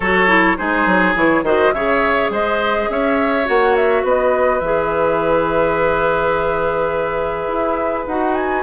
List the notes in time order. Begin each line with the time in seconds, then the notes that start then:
0.00 F#3 F#4 A4 C#5
0.27 E4
0.57 G#3 D#4 G#4 C5
0.86 F#3
1.15 E3 E4 C#5
1.42 D#3 F#4 C5 D#5
1.72 C#3 G#4 C#5 E5
2.29 G#3 C5 D#5
2.89 C#4 C#5 E5
3.44 A#3 F#4 F#5
3.75 E5
4.03 B3 B4 D#5
4.59 E3 G#4 E5
7.47 E4
8.06 D#4 F#4 F#5
8.34 G#5